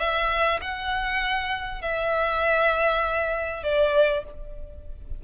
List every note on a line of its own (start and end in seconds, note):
0.00 0.61 E5
0.62 1.82 F#5
1.82 3.64 E5
3.64 4.24 D5